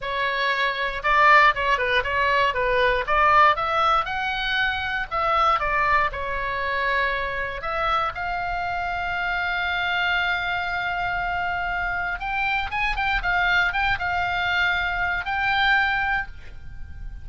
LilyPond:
\new Staff \with { instrumentName = "oboe" } { \time 4/4 \tempo 4 = 118 cis''2 d''4 cis''8 b'8 | cis''4 b'4 d''4 e''4 | fis''2 e''4 d''4 | cis''2. e''4 |
f''1~ | f''1 | g''4 gis''8 g''8 f''4 g''8 f''8~ | f''2 g''2 | }